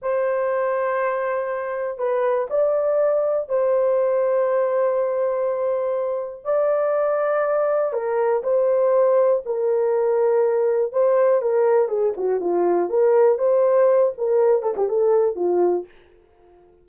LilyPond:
\new Staff \with { instrumentName = "horn" } { \time 4/4 \tempo 4 = 121 c''1 | b'4 d''2 c''4~ | c''1~ | c''4 d''2. |
ais'4 c''2 ais'4~ | ais'2 c''4 ais'4 | gis'8 fis'8 f'4 ais'4 c''4~ | c''8 ais'4 a'16 g'16 a'4 f'4 | }